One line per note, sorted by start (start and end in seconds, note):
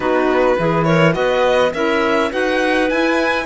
0.00 0.56 B3
0.00 0.56 D#4
0.00 0.58 F#4
0.00 0.84 B4
0.57 1.16 E3
0.57 1.11 E4
0.57 0.86 G#4
0.84 1.15 A#4
0.84 1.12 C#5
1.11 1.73 B3
1.11 1.69 F#4
1.11 1.73 B4
1.11 1.72 D#5
1.73 2.31 C#4
1.73 2.30 E4
1.73 2.31 A#4
1.73 2.31 E5
2.30 2.90 D#4
2.30 2.88 F#4
2.30 3.45 B4
2.30 2.89 F#5
2.89 3.45 E4
2.89 3.45 G#5